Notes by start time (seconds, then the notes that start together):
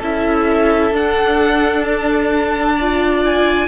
0.00 C#4 E4 A4 E5
0.92 D4 F#5
1.84 A5
2.76 F4 D5
3.25 G#5